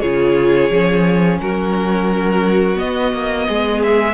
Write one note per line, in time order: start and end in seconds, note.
0.00 0.70 C#3
0.00 0.71 F4
0.00 1.38 G#4
0.00 1.38 C#5
0.70 1.39 F3
0.70 2.75 C#4
1.41 2.78 F#3
1.41 3.48 F#4
1.41 2.79 A#4
2.75 4.13 B3
2.75 3.12 B3
2.75 3.82 D#5
3.12 3.47 A#3
3.48 4.14 G#3
3.48 4.14 G#4
3.83 4.14 E5